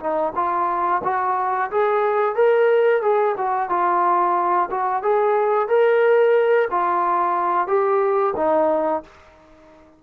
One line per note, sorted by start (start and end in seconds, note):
0.00 0.33 D#4
0.35 1.02 F4
1.04 1.71 F#4
1.72 2.36 G#4
2.36 3.02 A#4
3.02 3.36 G#4
3.38 3.70 F#4
3.70 4.70 F4
4.71 5.03 F#4
5.03 5.68 G#4
5.68 6.68 A#4
6.71 7.68 F4
7.68 8.34 G4
8.36 9.03 D#4